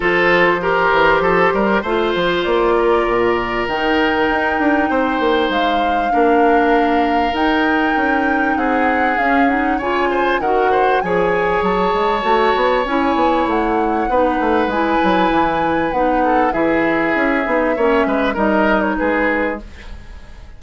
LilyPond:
<<
  \new Staff \with { instrumentName = "flute" } { \time 4/4 \tempo 4 = 98 c''1 | d''2 g''2~ | g''4 f''2. | g''2 fis''4 f''8 fis''8 |
gis''4 fis''4 gis''4 a''4~ | a''4 gis''4 fis''2 | gis''2 fis''4 e''4~ | e''2 dis''8. cis''16 b'4 | }
  \new Staff \with { instrumentName = "oboe" } { \time 4/4 a'4 ais'4 a'8 ais'8 c''4~ | c''8 ais'2.~ ais'8 | c''2 ais'2~ | ais'2 gis'2 |
cis''8 c''8 ais'8 c''8 cis''2~ | cis''2. b'4~ | b'2~ b'8 a'8 gis'4~ | gis'4 cis''8 b'8 ais'4 gis'4 | }
  \new Staff \with { instrumentName = "clarinet" } { \time 4/4 f'4 g'2 f'4~ | f'2 dis'2~ | dis'2 d'2 | dis'2. cis'8 dis'8 |
f'4 fis'4 gis'2 | fis'4 e'2 dis'4 | e'2 dis'4 e'4~ | e'8 dis'8 cis'4 dis'2 | }
  \new Staff \with { instrumentName = "bassoon" } { \time 4/4 f4. e8 f8 g8 a8 f8 | ais4 ais,4 dis4 dis'8 d'8 | c'8 ais8 gis4 ais2 | dis'4 cis'4 c'4 cis'4 |
cis4 dis4 f4 fis8 gis8 | a8 b8 cis'8 b8 a4 b8 a8 | gis8 fis8 e4 b4 e4 | cis'8 b8 ais8 gis8 g4 gis4 | }
>>